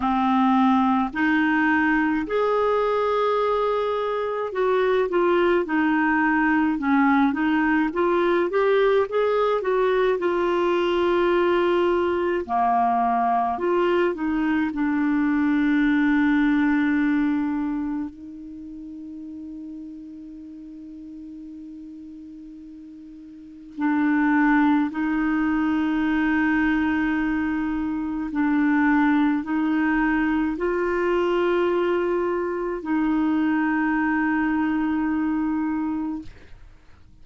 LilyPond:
\new Staff \with { instrumentName = "clarinet" } { \time 4/4 \tempo 4 = 53 c'4 dis'4 gis'2 | fis'8 f'8 dis'4 cis'8 dis'8 f'8 g'8 | gis'8 fis'8 f'2 ais4 | f'8 dis'8 d'2. |
dis'1~ | dis'4 d'4 dis'2~ | dis'4 d'4 dis'4 f'4~ | f'4 dis'2. | }